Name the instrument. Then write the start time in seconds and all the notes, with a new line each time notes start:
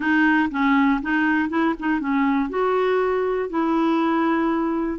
clarinet
0.00 D#4
0.50 C#4
1.02 D#4
1.49 E4
1.79 D#4
2.00 C#4
2.49 F#4
3.49 E4